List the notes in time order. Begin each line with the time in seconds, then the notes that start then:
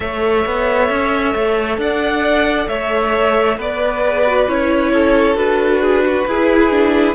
0.00 A3 A4 C#5 E5
0.45 B3
0.89 C#4
1.34 A3
1.77 D4 D5 F#5
2.68 A3 C#5 E5
3.57 B3 B4 D5
4.04 G#4
4.26 F#4
4.47 C#4 E4 C#5
4.92 A4
5.35 D4 F#4 B4
5.81 G#4
6.06 F#4
6.27 E4 G#4
6.70 D4